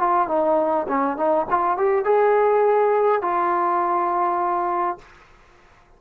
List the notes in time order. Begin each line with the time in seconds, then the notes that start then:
0.00 F4
0.28 D#4
0.89 C#4
1.17 D#4
1.51 F4
1.78 G4
2.05 G#4
3.22 F4